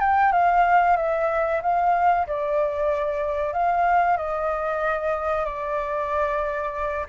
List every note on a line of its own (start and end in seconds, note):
0.00 0.32 G5
0.32 0.97 F5
0.97 1.61 E5
1.62 2.27 F5
2.27 3.53 D5
3.53 4.17 F5
4.17 5.45 D#5
5.45 7.06 D5